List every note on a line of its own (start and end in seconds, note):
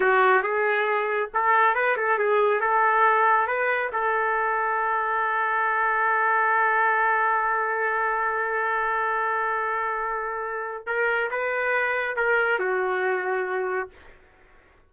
0.00 0.42 F#4
0.42 1.29 G#4
1.34 1.74 A4
1.74 1.96 B4
1.96 2.18 A4
2.18 2.60 G#4
2.60 3.47 A4
3.47 3.90 B4
3.92 10.86 A4
10.86 11.29 A#4
11.30 12.16 B4
12.16 12.59 A#4
12.59 13.89 F#4